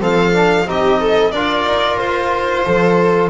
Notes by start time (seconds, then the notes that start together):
0.00 F3 C4 A4 F5
0.33 D4
0.66 C4 D#4 G4 D#5
1.01 A4
1.32 D4 F4 A#4 D5
1.65 D#4
1.97 F4 C5
2.66 F3 A4